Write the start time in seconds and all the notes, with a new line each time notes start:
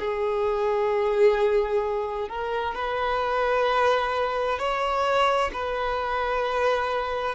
0.00 G#4
2.29 A#4
2.75 B4
4.59 C#5
5.53 B4